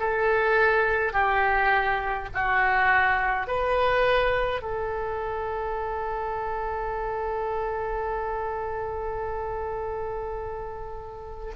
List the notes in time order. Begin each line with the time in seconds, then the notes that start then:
0.00 A4
1.13 G4
2.34 F#4
3.47 B4
4.62 A4